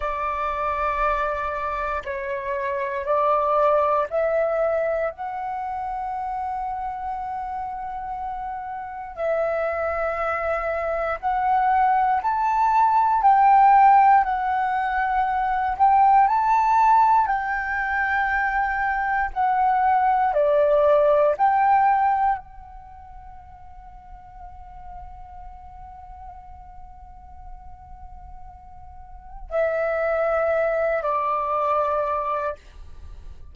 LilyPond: \new Staff \with { instrumentName = "flute" } { \time 4/4 \tempo 4 = 59 d''2 cis''4 d''4 | e''4 fis''2.~ | fis''4 e''2 fis''4 | a''4 g''4 fis''4. g''8 |
a''4 g''2 fis''4 | d''4 g''4 fis''2~ | fis''1~ | fis''4 e''4. d''4. | }